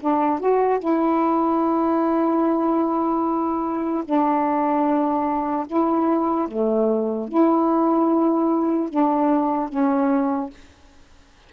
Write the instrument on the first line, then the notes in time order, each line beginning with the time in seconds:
saxophone
0.00 D4
0.40 F#4
0.79 E4
4.04 D4
5.67 E4
6.48 A3
7.28 E4
8.89 D4
9.69 C#4